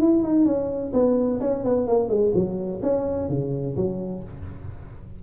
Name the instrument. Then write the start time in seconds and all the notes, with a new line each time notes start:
tuba
0.00 E4
0.23 D#4
0.45 C#4
0.93 B3
1.40 C#4
1.64 B3
1.87 A#3
2.09 G#3
2.34 F#3
2.83 C#4
3.29 C#3
3.76 F#3